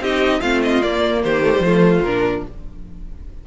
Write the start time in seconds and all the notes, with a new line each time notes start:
0.00 C4 D#4 G4 D#5
0.40 A3 C4 F4 F5
0.63 D#5
0.82 A#3 D5
1.23 D#3 G4 C5
1.43 A3
1.53 G3
1.59 F3 A3 F4
2.01 A#2 D4 A#4